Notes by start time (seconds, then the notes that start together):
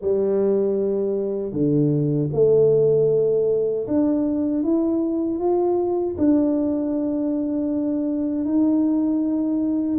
0.01 G3
1.52 D3
2.33 A3
3.87 D4
4.63 E4
5.38 F4
6.18 D4
8.44 D#4